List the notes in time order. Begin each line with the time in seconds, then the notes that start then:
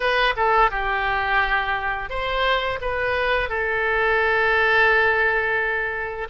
0.00 B4
0.36 A4
0.70 G4
2.09 C5
2.81 B4
3.49 A4